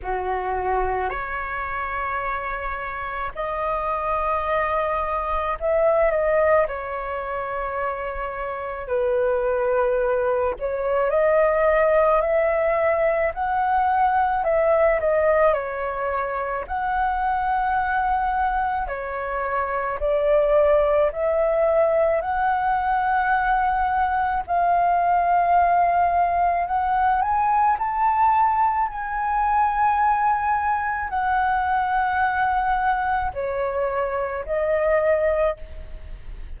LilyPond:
\new Staff \with { instrumentName = "flute" } { \time 4/4 \tempo 4 = 54 fis'4 cis''2 dis''4~ | dis''4 e''8 dis''8 cis''2 | b'4. cis''8 dis''4 e''4 | fis''4 e''8 dis''8 cis''4 fis''4~ |
fis''4 cis''4 d''4 e''4 | fis''2 f''2 | fis''8 gis''8 a''4 gis''2 | fis''2 cis''4 dis''4 | }